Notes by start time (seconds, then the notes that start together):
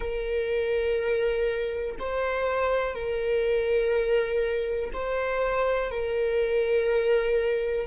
0.00 A#4
1.99 C5
2.94 A#4
4.93 C5
5.90 A#4